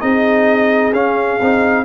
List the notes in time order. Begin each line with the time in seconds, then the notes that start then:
0.00 C4 D#4 G#4 D#5
0.93 C#4 F5
1.41 C4 D#4